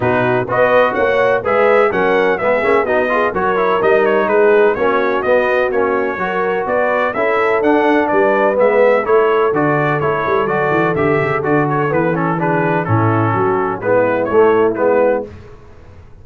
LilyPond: <<
  \new Staff \with { instrumentName = "trumpet" } { \time 4/4 \tempo 4 = 126 b'4 dis''4 fis''4 e''4 | fis''4 e''4 dis''4 cis''4 | dis''8 cis''8 b'4 cis''4 dis''4 | cis''2 d''4 e''4 |
fis''4 d''4 e''4 cis''4 | d''4 cis''4 d''4 e''4 | d''8 cis''8 b'8 a'8 b'4 a'4~ | a'4 b'4 cis''4 b'4 | }
  \new Staff \with { instrumentName = "horn" } { \time 4/4 fis'4 b'4 cis''4 b'4 | ais'4 gis'4 fis'8 gis'8 ais'4~ | ais'4 gis'4 fis'2~ | fis'4 ais'4 b'4 a'4~ |
a'4 b'2 a'4~ | a'1~ | a'2 gis'4 e'4 | fis'4 e'2. | }
  \new Staff \with { instrumentName = "trombone" } { \time 4/4 dis'4 fis'2 gis'4 | cis'4 b8 cis'8 dis'8 f'8 fis'8 e'8 | dis'2 cis'4 b4 | cis'4 fis'2 e'4 |
d'2 b4 e'4 | fis'4 e'4 fis'4 g'4 | fis'4 b8 cis'8 d'4 cis'4~ | cis'4 b4 a4 b4 | }
  \new Staff \with { instrumentName = "tuba" } { \time 4/4 b,4 b4 ais4 gis4 | fis4 gis8 ais8 b4 fis4 | g4 gis4 ais4 b4 | ais4 fis4 b4 cis'4 |
d'4 g4 gis4 a4 | d4 a8 g8 fis8 e8 d8 cis8 | d4 e2 a,4 | fis4 gis4 a4 gis4 | }
>>